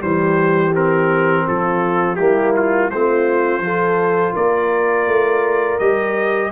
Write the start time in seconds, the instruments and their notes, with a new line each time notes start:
0.00 tuba E3, trombone G3, horn G4, trumpet C5
0.72 trombone C4, trumpet A#4
1.47 tuba F3, horn F4, trumpet A4
2.16 tuba G3, trombone A#3, horn E4, trumpet G4
2.56 trumpet F4
2.91 tuba A3, trombone C4, horn F4, trumpet C5
3.60 tuba F3, trombone F4, horn A4
4.35 tuba A#3, horn A#4, trumpet D5
5.07 tuba A3
5.79 tuba G3, trombone G4, trumpet D#5